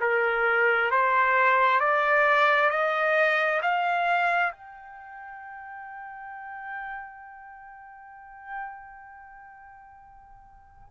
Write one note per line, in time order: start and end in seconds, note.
0.00 0.90 A#4
0.90 1.80 C5
1.80 2.69 D5
2.69 3.60 D#5
3.62 4.52 F5
4.52 10.88 G5